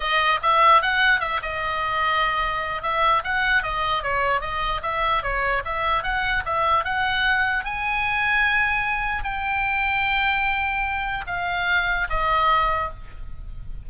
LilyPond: \new Staff \with { instrumentName = "oboe" } { \time 4/4 \tempo 4 = 149 dis''4 e''4 fis''4 e''8 dis''8~ | dis''2. e''4 | fis''4 dis''4 cis''4 dis''4 | e''4 cis''4 e''4 fis''4 |
e''4 fis''2 gis''4~ | gis''2. g''4~ | g''1 | f''2 dis''2 | }